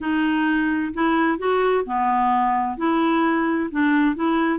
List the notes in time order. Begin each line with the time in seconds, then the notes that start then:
0.00 D#4
0.93 E4
1.38 F#4
1.85 B3
2.77 E4
3.71 D4
4.15 E4